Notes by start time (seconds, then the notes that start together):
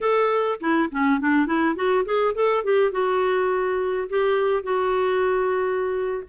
0.01 A4
0.60 E4
0.91 C#4
1.20 D4
1.46 E4
1.75 F#4
2.05 G#4
2.35 A4
2.63 G4
2.91 F#4
4.09 G4
4.63 F#4